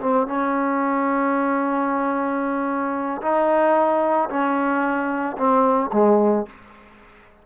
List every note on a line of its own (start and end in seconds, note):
0.00 0.27 C4
0.27 3.21 C#4
3.22 4.29 D#4
4.29 5.36 C#4
5.37 5.91 C4
5.93 6.46 G#3